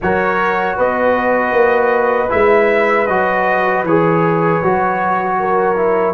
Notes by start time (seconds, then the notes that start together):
0.01 F#3 F#4 A#4 C#5
0.76 B3 B4 D#5
1.52 A#3
2.29 G#3 E4 E5
3.07 F#3 F#4 D#5
3.83 E3 G#4 C#5
4.63 F#3 F#4
5.38 A#4
5.76 E4